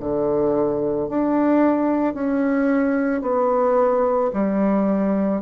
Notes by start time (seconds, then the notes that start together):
0.00 D3
1.09 D4
2.14 C#4
3.22 B3
4.34 G3